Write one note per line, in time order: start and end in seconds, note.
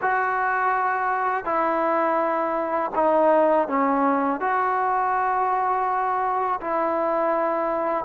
0.01 1.45 F#4
1.45 2.91 E4
2.95 3.68 D#4
3.68 4.40 C#4
4.40 6.60 F#4
6.60 8.05 E4